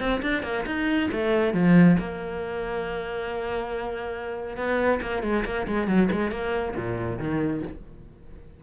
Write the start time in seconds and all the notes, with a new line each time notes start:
0.00 C4
0.22 D4
0.43 A#3
0.67 D#4
1.12 A3
1.54 F3
2.00 A#3
4.57 B3
5.02 A#3
5.23 G#3
5.46 A#3
5.68 G#3
5.88 F#3
6.12 G#3
6.32 A#3
6.77 A#2
7.19 D#3